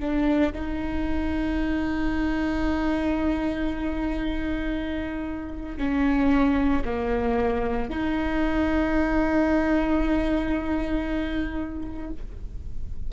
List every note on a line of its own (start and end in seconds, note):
0.00 0.53 D4
0.53 5.78 D#4
5.78 6.83 C#4
6.85 7.90 A#3
7.90 12.11 D#4